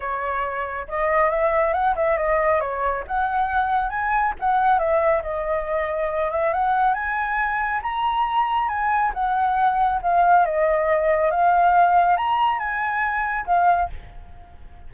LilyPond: \new Staff \with { instrumentName = "flute" } { \time 4/4 \tempo 4 = 138 cis''2 dis''4 e''4 | fis''8 e''8 dis''4 cis''4 fis''4~ | fis''4 gis''4 fis''4 e''4 | dis''2~ dis''8 e''8 fis''4 |
gis''2 ais''2 | gis''4 fis''2 f''4 | dis''2 f''2 | ais''4 gis''2 f''4 | }